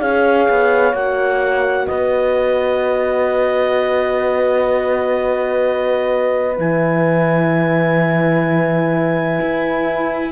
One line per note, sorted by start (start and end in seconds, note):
0.00 0.49 C#4
0.00 0.94 G#4
0.00 1.88 C#5
0.00 0.95 F5
0.50 0.94 B3
0.94 1.87 A#3
0.94 6.57 F#4
0.94 1.87 F#5
1.87 6.59 B3
1.87 10.32 B4
1.87 6.56 D#5
6.57 9.40 E3
6.57 10.32 E4
6.57 10.32 G#5
9.41 10.32 E4